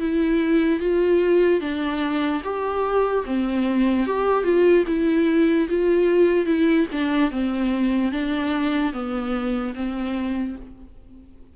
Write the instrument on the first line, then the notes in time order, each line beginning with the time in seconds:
viola
0.00 E4
0.80 F4
1.61 D4
2.44 G4
3.25 C4
4.07 G4
4.44 F4
4.87 E4
5.69 F4
6.46 E4
6.92 D4
7.31 C4
8.12 D4
8.93 B3
9.75 C4